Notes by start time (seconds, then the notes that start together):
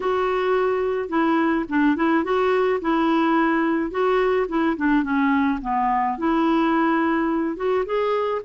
0.00 F#4
1.09 E4
1.68 D4
1.96 E4
2.24 F#4
2.81 E4
3.90 F#4
4.48 E4
4.76 D4
5.03 C#4
5.61 B3
6.18 E4
7.56 F#4
7.85 G#4